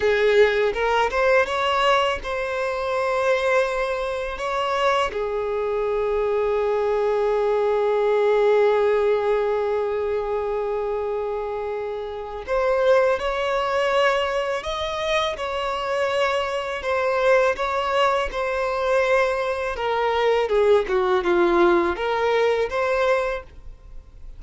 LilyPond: \new Staff \with { instrumentName = "violin" } { \time 4/4 \tempo 4 = 82 gis'4 ais'8 c''8 cis''4 c''4~ | c''2 cis''4 gis'4~ | gis'1~ | gis'1~ |
gis'4 c''4 cis''2 | dis''4 cis''2 c''4 | cis''4 c''2 ais'4 | gis'8 fis'8 f'4 ais'4 c''4 | }